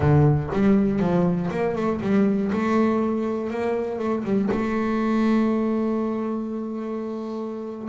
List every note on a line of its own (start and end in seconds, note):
0.00 0.50 D3
0.53 0.99 G3
0.99 1.49 F3
1.50 1.75 A#3
1.75 2.00 A3
2.01 2.51 G3
2.52 3.50 A3
3.50 3.98 A#3
3.98 4.23 A3
4.23 4.48 G3
4.51 7.88 A3